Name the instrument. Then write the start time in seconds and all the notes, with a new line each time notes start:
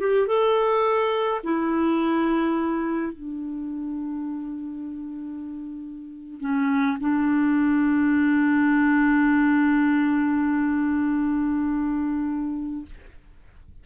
clarinet
0.00 G4
0.28 A4
1.44 E4
3.13 D4
6.41 C#4
7.00 D4